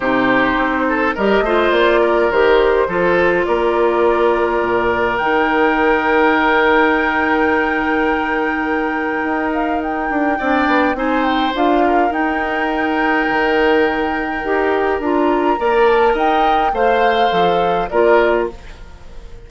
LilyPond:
<<
  \new Staff \with { instrumentName = "flute" } { \time 4/4 \tempo 4 = 104 c''2 dis''4 d''4 | c''2 d''2~ | d''4 g''2.~ | g''1~ |
g''8 f''8 g''2 gis''8 g''8 | f''4 g''2.~ | g''2 ais''4. a''8 | g''4 f''2 d''4 | }
  \new Staff \with { instrumentName = "oboe" } { \time 4/4 g'4. a'8 ais'8 c''4 ais'8~ | ais'4 a'4 ais'2~ | ais'1~ | ais'1~ |
ais'2 d''4 c''4~ | c''8 ais'2.~ ais'8~ | ais'2. d''4 | dis''4 c''2 ais'4 | }
  \new Staff \with { instrumentName = "clarinet" } { \time 4/4 dis'2 g'8 f'4. | g'4 f'2.~ | f'4 dis'2.~ | dis'1~ |
dis'2 d'4 dis'4 | f'4 dis'2.~ | dis'4 g'4 f'4 ais'4~ | ais'4 c''4 a'4 f'4 | }
  \new Staff \with { instrumentName = "bassoon" } { \time 4/4 c4 c'4 g8 a8 ais4 | dis4 f4 ais2 | ais,4 dis2.~ | dis1 |
dis'4. d'8 c'8 b8 c'4 | d'4 dis'2 dis4~ | dis4 dis'4 d'4 ais4 | dis'4 a4 f4 ais4 | }
>>